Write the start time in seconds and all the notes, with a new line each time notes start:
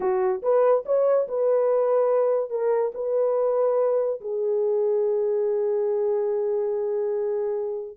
0.00 F#4
0.42 B4
0.85 C#5
1.28 B4
2.49 A#4
2.94 B4
4.21 G#4